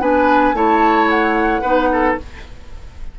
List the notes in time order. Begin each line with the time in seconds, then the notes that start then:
0.00 B3 D4 B4 G#5
0.53 A3 E4 C#5 A5
1.09 F#5
1.61 B3 D#4 B4
1.92 A4